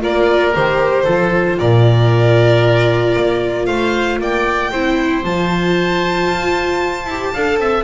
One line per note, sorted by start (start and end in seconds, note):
0.00 0.55 A#3
0.00 0.52 F4
0.00 1.04 A#4
0.00 0.55 D5
0.54 1.07 D#3
0.54 1.06 G4
0.54 1.59 C5
1.04 1.59 F3
1.04 4.71 F4
1.04 1.56 A4
1.59 3.16 A#2
1.59 3.67 A#4
1.59 3.66 D5
3.16 3.67 A#3
3.66 4.19 A3
3.66 4.19 C5
3.66 4.18 F5
4.19 4.72 A#3
4.19 4.72 D5
4.19 5.25 G5
4.72 5.24 C4
4.72 5.24 E4
4.72 7.32 C5
5.24 6.27 F3
5.24 7.07 F4
5.24 7.84 A5
6.27 7.05 F4
7.05 7.31 E4
7.05 7.35 G4
7.33 7.58 D4
7.33 7.84 A4
7.33 7.59 F5
7.58 7.84 C4
7.58 7.84 E5